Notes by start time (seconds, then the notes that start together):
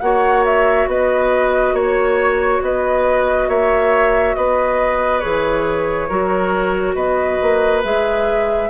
0.00 A#3 F#4 C#5 F#5
0.45 E5
0.87 B3 B4 D#5
1.73 A#3 C#5
2.61 B3 B4 D#5
3.48 A#3 C#5 E5
4.35 B3 B4 D#5
5.19 E3 G#4 C#5
6.09 F#3 F#4 A#4
6.95 B3 B4 D#5
7.42 A#3
7.83 G#3 G#4 E5